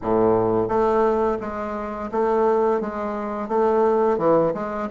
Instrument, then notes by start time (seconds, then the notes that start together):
bassoon
0.02 A2
0.68 A3
1.40 G#3
2.11 A3
2.80 G#3
3.48 A3
4.17 E3
4.53 G#3